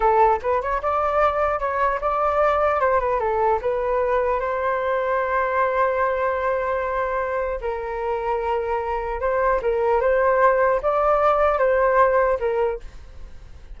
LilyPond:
\new Staff \with { instrumentName = "flute" } { \time 4/4 \tempo 4 = 150 a'4 b'8 cis''8 d''2 | cis''4 d''2 c''8 b'8 | a'4 b'2 c''4~ | c''1~ |
c''2. ais'4~ | ais'2. c''4 | ais'4 c''2 d''4~ | d''4 c''2 ais'4 | }